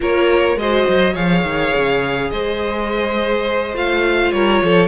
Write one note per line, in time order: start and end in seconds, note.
0.00 0.56 A#3
0.00 0.56 F4
0.00 0.58 A#4
0.00 0.58 C#5
0.56 0.84 G#3
0.56 1.15 F#4
0.56 1.13 C5
0.56 1.15 D#5
0.88 1.15 F#3
1.13 1.43 F3
1.13 3.74 G#4
1.13 2.29 C#5
1.13 2.30 F5
1.43 1.72 D#3
1.74 2.31 C#3
2.30 3.74 G#3
2.30 4.33 C5
2.30 3.74 D#5
3.74 4.32 A3
3.74 4.87 F4
3.74 4.31 F5
4.31 4.61 G3
4.31 4.62 A#4
4.31 4.87 C#5
4.62 4.87 F3
4.62 4.87 A4